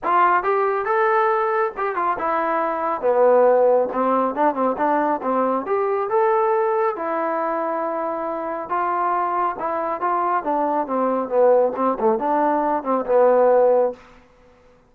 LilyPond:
\new Staff \with { instrumentName = "trombone" } { \time 4/4 \tempo 4 = 138 f'4 g'4 a'2 | g'8 f'8 e'2 b4~ | b4 c'4 d'8 c'8 d'4 | c'4 g'4 a'2 |
e'1 | f'2 e'4 f'4 | d'4 c'4 b4 c'8 a8 | d'4. c'8 b2 | }